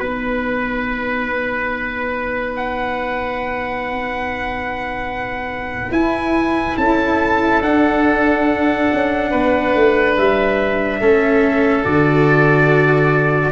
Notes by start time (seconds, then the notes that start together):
0.00 B3 D#4 B4
2.57 F#5
5.92 E4 G#5
6.78 C#4 A4 A5
7.62 D4 F#5
8.93 C#4
9.31 B3 B4
9.75 A3
10.17 G3 E5
11.01 A3 C#4 A4
11.84 D3 F#4 D5